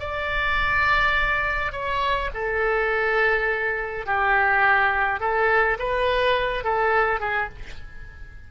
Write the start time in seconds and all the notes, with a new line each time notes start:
0.00 D5
1.72 C#5
2.34 A4
4.06 G4
5.20 A4
5.79 B4
6.64 A4
7.20 G#4